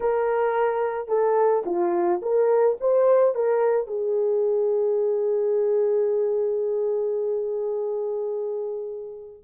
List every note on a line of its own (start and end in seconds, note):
0.00 1.08 A#4
1.08 1.63 A4
1.65 2.21 F4
2.21 2.77 A#4
2.80 3.34 C5
3.34 3.87 A#4
3.87 9.42 G#4